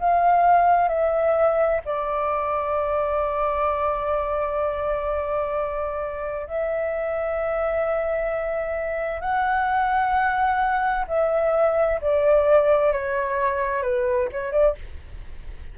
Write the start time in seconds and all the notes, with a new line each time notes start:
0.00 F5
0.89 E5
1.85 D5
6.47 E5
9.21 F#5
11.08 E5
12.02 D5
12.92 C#5
13.83 B4
14.32 C#5
14.52 D5